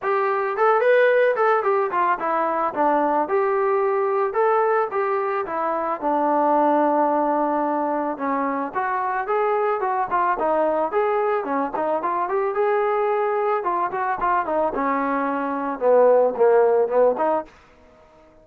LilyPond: \new Staff \with { instrumentName = "trombone" } { \time 4/4 \tempo 4 = 110 g'4 a'8 b'4 a'8 g'8 f'8 | e'4 d'4 g'2 | a'4 g'4 e'4 d'4~ | d'2. cis'4 |
fis'4 gis'4 fis'8 f'8 dis'4 | gis'4 cis'8 dis'8 f'8 g'8 gis'4~ | gis'4 f'8 fis'8 f'8 dis'8 cis'4~ | cis'4 b4 ais4 b8 dis'8 | }